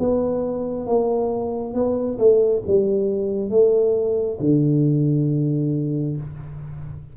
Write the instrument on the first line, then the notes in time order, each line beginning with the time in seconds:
tuba
0.00 B3
0.87 A#3
1.74 B3
2.19 A3
2.67 G3
3.51 A3
4.41 D3